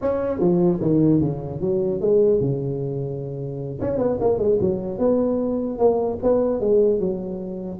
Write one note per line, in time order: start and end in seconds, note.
0.01 0.39 C#4
0.39 0.79 F3
0.81 1.20 D#3
1.20 1.60 C#3
1.60 2.00 F#3
2.01 2.40 G#3
2.40 3.80 C#3
3.80 3.97 C#4
3.97 4.17 B3
4.20 4.38 A#3
4.38 4.58 G#3
4.60 4.98 F#3
4.98 5.78 B3
5.78 6.18 A#3
6.23 6.60 B3
6.60 6.99 G#3
6.99 7.79 F#3